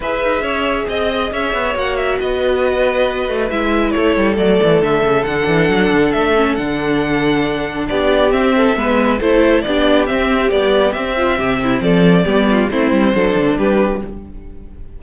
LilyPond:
<<
  \new Staff \with { instrumentName = "violin" } { \time 4/4 \tempo 4 = 137 e''2 dis''4 e''4 | fis''8 e''8 dis''2. | e''4 cis''4 d''4 e''4 | fis''2 e''4 fis''4~ |
fis''2 d''4 e''4~ | e''4 c''4 d''4 e''4 | d''4 e''2 d''4~ | d''4 c''2 b'4 | }
  \new Staff \with { instrumentName = "violin" } { \time 4/4 b'4 cis''4 dis''4 cis''4~ | cis''4 b'2.~ | b'4 a'2.~ | a'1~ |
a'2 g'4. a'8 | b'4 a'4 g'2~ | g'4. f'8 g'8 e'8 a'4 | g'8 f'8 e'4 a'4 g'4 | }
  \new Staff \with { instrumentName = "viola" } { \time 4/4 gis'1 | fis'1 | e'2 a2 | d'2~ d'8 cis'8 d'4~ |
d'2. c'4 | b4 e'4 d'4 c'4 | g4 c'2. | b4 c'4 d'2 | }
  \new Staff \with { instrumentName = "cello" } { \time 4/4 e'8 dis'8 cis'4 c'4 cis'8 b8 | ais4 b2~ b8 a8 | gis4 a8 g8 fis8 e8 d8 cis8 | d8 e8 fis8 d8 a4 d4~ |
d2 b4 c'4 | gis4 a4 b4 c'4 | b4 c'4 c4 f4 | g4 a8 g8 fis8 d8 g4 | }
>>